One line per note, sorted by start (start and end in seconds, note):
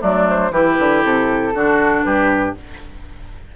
0.00 0.51 F#3
0.00 0.51 A3
0.00 0.52 D4
0.00 0.28 D5
0.29 0.53 C5
0.51 0.76 E3
0.51 1.53 E4
0.51 1.54 G4
0.51 1.03 B4
0.79 1.04 D3
1.04 1.55 C3
1.04 2.04 A4
1.55 2.04 D3
1.55 2.56 D4
1.55 2.05 F#4
2.04 2.55 G2
2.04 2.56 G4
2.04 2.55 B4